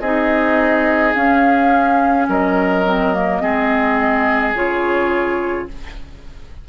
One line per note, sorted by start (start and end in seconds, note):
0.00 1.13 C4
0.00 1.15 D#4
0.00 2.27 G#4
0.00 1.13 D#5
1.14 2.85 C#4
1.14 2.29 C#4
1.14 2.27 F5
2.29 3.42 F#3
2.29 3.42 A#4
2.29 4.54 D#5
2.85 3.14 C4
3.14 3.41 A#3
3.41 4.54 G#3
3.41 4.54 C4
3.41 5.69 G#4
4.54 5.67 C#3
4.54 5.68 F4
4.54 5.68 C#5